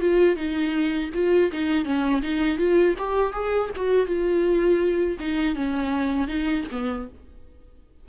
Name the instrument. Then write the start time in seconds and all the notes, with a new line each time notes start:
viola
0.00 F4
0.36 D#4
1.14 F4
1.52 D#4
1.85 C#4
2.22 D#4
2.58 F4
2.98 G4
3.33 G#4
3.76 F#4
4.06 F4
5.20 D#4
5.55 C#4
6.28 D#4
6.71 B3